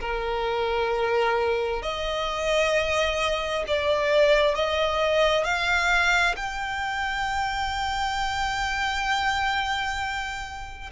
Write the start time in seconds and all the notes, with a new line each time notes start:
0.00 A#4
1.82 D#5
3.67 D5
4.55 D#5
5.44 F5
6.36 G5